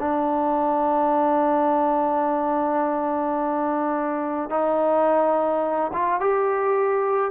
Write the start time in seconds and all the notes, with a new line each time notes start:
0.00 D4
4.50 D#4
5.94 F4
6.21 G4